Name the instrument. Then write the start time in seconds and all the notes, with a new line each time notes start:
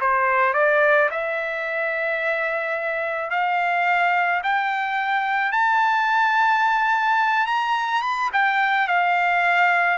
trumpet
0.00 C5
0.54 D5
1.11 E5
3.30 F5
4.43 G5
5.52 A5
7.46 A#5
8.02 B5
8.33 G5
8.87 F5